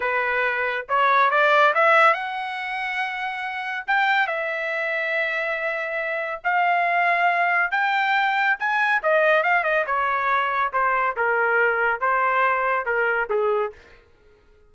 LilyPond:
\new Staff \with { instrumentName = "trumpet" } { \time 4/4 \tempo 4 = 140 b'2 cis''4 d''4 | e''4 fis''2.~ | fis''4 g''4 e''2~ | e''2. f''4~ |
f''2 g''2 | gis''4 dis''4 f''8 dis''8 cis''4~ | cis''4 c''4 ais'2 | c''2 ais'4 gis'4 | }